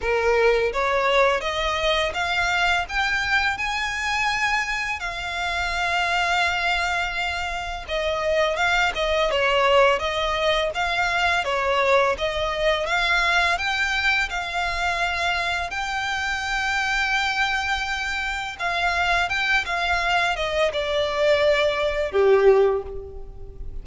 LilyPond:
\new Staff \with { instrumentName = "violin" } { \time 4/4 \tempo 4 = 84 ais'4 cis''4 dis''4 f''4 | g''4 gis''2 f''4~ | f''2. dis''4 | f''8 dis''8 cis''4 dis''4 f''4 |
cis''4 dis''4 f''4 g''4 | f''2 g''2~ | g''2 f''4 g''8 f''8~ | f''8 dis''8 d''2 g'4 | }